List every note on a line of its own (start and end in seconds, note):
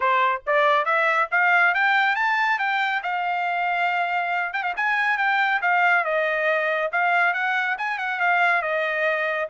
0.00 0.42 C5
0.46 0.85 D5
0.85 1.28 E5
1.31 1.74 F5
1.74 2.15 G5
2.15 2.58 A5
2.58 3.02 G5
3.02 4.53 F5
4.53 4.63 G5
4.63 4.73 F5
4.76 5.17 G#5
5.17 5.60 G5
5.61 6.04 F5
6.04 6.90 D#5
6.92 7.33 F5
7.33 7.76 F#5
7.77 7.98 G#5
7.98 8.20 F#5
8.20 8.61 F5
8.61 9.48 D#5